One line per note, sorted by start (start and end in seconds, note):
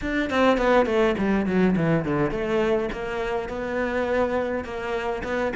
0.01 0.29 D4
0.29 0.57 C4
0.57 0.86 B3
0.86 1.15 A3
1.18 1.46 G3
1.46 1.75 F#3
1.76 2.04 E3
2.04 2.30 D3
2.30 2.89 A3
2.92 3.48 A#3
3.48 4.64 B3
4.64 5.22 A#3
5.23 5.52 B3